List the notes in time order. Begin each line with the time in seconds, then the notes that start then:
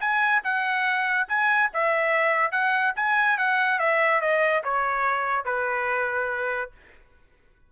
0.00 G#5
0.43 F#5
1.28 G#5
1.73 E5
2.51 F#5
2.95 G#5
3.38 F#5
3.79 E5
4.21 D#5
4.64 C#5
5.45 B4